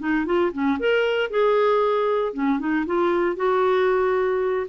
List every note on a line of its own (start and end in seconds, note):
0.00 0.26 D#4
0.26 0.52 F4
0.53 0.79 C#4
0.80 1.31 A#4
1.31 2.34 G#4
2.34 2.60 C#4
2.60 2.86 D#4
2.87 3.37 F4
3.37 4.67 F#4